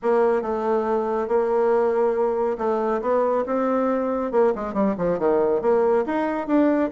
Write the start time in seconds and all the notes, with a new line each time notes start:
0.02 A#3
0.42 A3
1.27 A#3
2.58 A3
3.01 B3
3.46 C4
4.31 A#3
4.55 G#3
4.73 G3
4.97 F3
5.18 D#3
5.61 A#3
6.06 D#4
6.47 D4